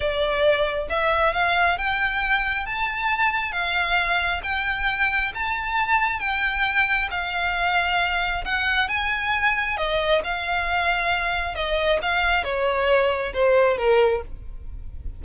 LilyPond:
\new Staff \with { instrumentName = "violin" } { \time 4/4 \tempo 4 = 135 d''2 e''4 f''4 | g''2 a''2 | f''2 g''2 | a''2 g''2 |
f''2. fis''4 | gis''2 dis''4 f''4~ | f''2 dis''4 f''4 | cis''2 c''4 ais'4 | }